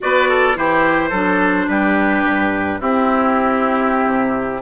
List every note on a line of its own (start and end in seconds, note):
0.00 0.56 B3
0.00 0.54 F#4
0.00 0.28 B4
0.00 0.57 D5
0.28 0.56 A4
0.54 1.11 E3
0.54 1.10 E4
0.54 1.09 G4
0.54 1.68 C5
1.09 1.67 F#3
1.09 2.80 D4
1.09 1.65 A4
1.67 2.23 G3
1.67 2.80 G4
1.67 2.81 B4
2.24 2.80 G2
2.80 4.62 C4
2.80 4.06 C4
2.80 4.62 E4
2.80 4.62 G4
4.06 4.62 C3